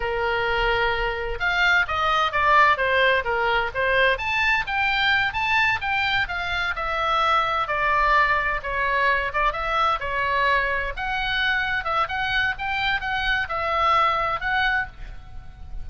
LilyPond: \new Staff \with { instrumentName = "oboe" } { \time 4/4 \tempo 4 = 129 ais'2. f''4 | dis''4 d''4 c''4 ais'4 | c''4 a''4 g''4. a''8~ | a''8 g''4 f''4 e''4.~ |
e''8 d''2 cis''4. | d''8 e''4 cis''2 fis''8~ | fis''4. e''8 fis''4 g''4 | fis''4 e''2 fis''4 | }